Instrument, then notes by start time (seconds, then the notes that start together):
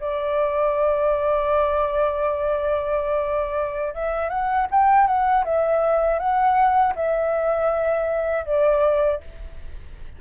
flute
0.00 D5
3.94 E5
4.30 F#5
4.71 G5
5.07 F#5
5.44 E5
6.19 F#5
6.95 E5
8.45 D5